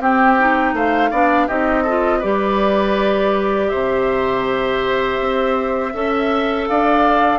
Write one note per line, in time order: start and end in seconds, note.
0.00 0.73 C4
0.00 0.37 C4
0.00 0.75 G4
0.00 0.76 G5
0.40 1.12 D#4
0.73 1.10 A3
0.73 1.10 C5
0.73 1.48 F5
1.10 1.49 B3
1.10 1.49 D4
1.10 1.48 D5
1.48 2.24 C4
1.48 1.86 D#4
1.48 1.83 G4
1.48 2.22 D#5
1.83 2.22 F4
1.83 2.19 A4
2.19 3.72 G3
2.19 5.93 G4
2.19 3.67 B4
2.19 3.69 D5
3.69 5.20 C3
3.69 5.93 C5
3.69 6.66 E5
5.20 5.94 C4
5.93 6.68 C#4
5.93 7.40 A4
5.93 6.69 E5
6.68 7.40 D4
6.68 7.40 D5
6.68 7.40 F5